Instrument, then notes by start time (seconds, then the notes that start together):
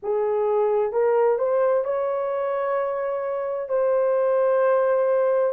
horn
0.03 G#4
0.92 A#4
1.38 C5
1.84 C#5
3.68 C5